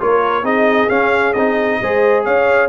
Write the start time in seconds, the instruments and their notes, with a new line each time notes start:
0.00 tuba A#3, trombone F4, horn A#4, trumpet C#5
0.43 tuba C4, trombone D#4, horn G#4, trumpet D#5
0.89 tuba C#4, trombone C#4, trumpet F5
1.33 tuba C4, trombone D#4, trumpet D#5
1.81 tuba G#3, trombone G#4, horn C5
2.24 tuba C#4, horn C#5, trumpet F5